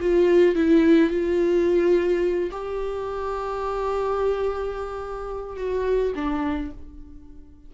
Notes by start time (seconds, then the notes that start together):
0.00 F4
0.55 E4
1.10 F4
2.51 G4
5.57 F#4
6.15 D4